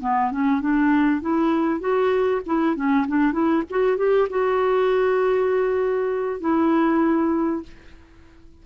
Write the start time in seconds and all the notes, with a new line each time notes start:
0.00 B3
0.31 C#4
0.61 D4
1.21 E4
1.80 F#4
2.46 E4
2.75 C#4
3.07 D4
3.32 E4
3.70 F#4
3.97 G4
4.29 F#4
6.40 E4